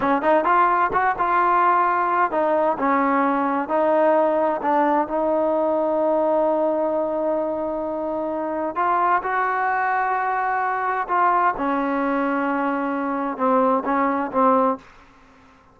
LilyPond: \new Staff \with { instrumentName = "trombone" } { \time 4/4 \tempo 4 = 130 cis'8 dis'8 f'4 fis'8 f'4.~ | f'4 dis'4 cis'2 | dis'2 d'4 dis'4~ | dis'1~ |
dis'2. f'4 | fis'1 | f'4 cis'2.~ | cis'4 c'4 cis'4 c'4 | }